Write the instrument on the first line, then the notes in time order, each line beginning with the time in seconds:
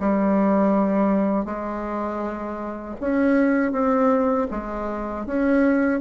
bassoon
0.00 G3
1.45 G#3
3.00 C#4
3.72 C4
4.51 G#3
5.26 C#4